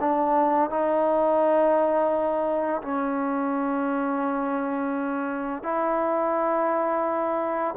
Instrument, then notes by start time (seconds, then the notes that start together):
trombone
0.00 D4
0.70 D#4
2.82 C#4
5.63 E4